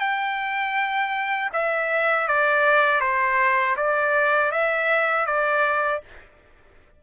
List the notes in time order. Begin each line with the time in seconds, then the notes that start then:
0.00 G5
1.53 E5
2.28 D5
3.01 C5
3.77 D5
4.52 E5
5.27 D5